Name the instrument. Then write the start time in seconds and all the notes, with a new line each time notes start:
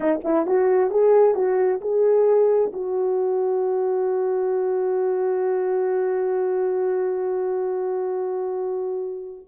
horn
0.00 D#4
0.24 E4
0.46 F#4
0.90 G#4
1.34 F#4
1.81 G#4
2.72 F#4